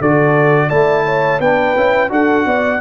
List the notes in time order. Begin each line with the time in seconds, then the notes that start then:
0.00 D3 F#4 A4 D5
0.68 A3 E4 D5 A5
1.05 C#5
1.39 B3 D4 B4 G5
1.76 C#4 E4
2.09 D4 F#4 A4 F#5
2.45 B3 D5